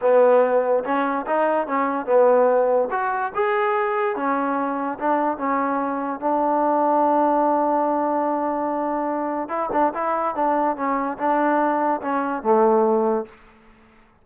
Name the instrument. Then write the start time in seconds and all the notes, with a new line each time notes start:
trombone
0.01 B3
0.84 C#4
1.26 D#4
1.67 C#4
2.05 B3
2.91 F#4
3.34 G#4
4.15 C#4
4.98 D4
5.37 C#4
6.20 D4
9.49 E4
9.72 D4
9.93 E4
10.35 D4
10.76 C#4
11.18 D4
12.01 C#4
12.43 A3